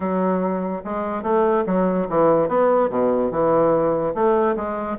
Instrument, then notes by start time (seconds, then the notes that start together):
bassoon
0.00 F#3
0.84 G#3
1.22 A3
1.66 F#3
2.09 E3
2.48 B3
2.90 B2
3.31 E3
4.14 A3
4.55 G#3